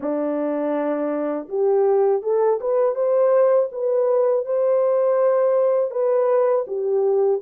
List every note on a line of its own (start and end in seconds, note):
0.00 1.48 D4
1.48 2.22 G4
2.22 2.59 A4
2.60 2.95 B4
2.95 3.69 C5
3.71 4.45 B4
4.45 5.91 C5
5.91 6.65 B4
6.67 7.41 G4